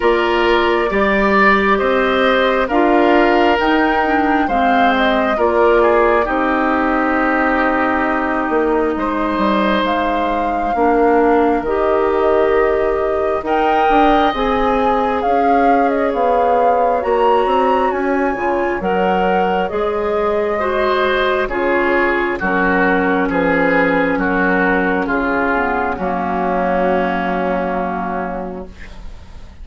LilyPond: <<
  \new Staff \with { instrumentName = "flute" } { \time 4/4 \tempo 4 = 67 d''2 dis''4 f''4 | g''4 f''8 dis''8 d''4 dis''4~ | dis''2. f''4~ | f''4 dis''2 g''4 |
gis''4 f''8. dis''16 f''4 ais''4 | gis''4 fis''4 dis''2 | cis''4 ais'4 b'4 ais'4 | gis'4 fis'2. | }
  \new Staff \with { instrumentName = "oboe" } { \time 4/4 ais'4 d''4 c''4 ais'4~ | ais'4 c''4 ais'8 gis'8 g'4~ | g'2 c''2 | ais'2. dis''4~ |
dis''4 cis''2.~ | cis''2. c''4 | gis'4 fis'4 gis'4 fis'4 | f'4 cis'2. | }
  \new Staff \with { instrumentName = "clarinet" } { \time 4/4 f'4 g'2 f'4 | dis'8 d'8 c'4 f'4 dis'4~ | dis'1 | d'4 g'2 ais'4 |
gis'2. fis'4~ | fis'8 f'8 ais'4 gis'4 fis'4 | f'4 cis'2.~ | cis'8 b8 ais2. | }
  \new Staff \with { instrumentName = "bassoon" } { \time 4/4 ais4 g4 c'4 d'4 | dis'4 gis4 ais4 c'4~ | c'4. ais8 gis8 g8 gis4 | ais4 dis2 dis'8 d'8 |
c'4 cis'4 b4 ais8 c'8 | cis'8 cis8 fis4 gis2 | cis4 fis4 f4 fis4 | cis4 fis2. | }
>>